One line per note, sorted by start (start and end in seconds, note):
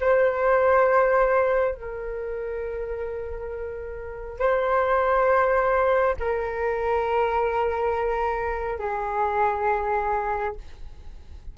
0.00 1.74 C5
1.74 4.39 A#4
4.39 6.15 C5
6.19 8.78 A#4
8.78 10.55 G#4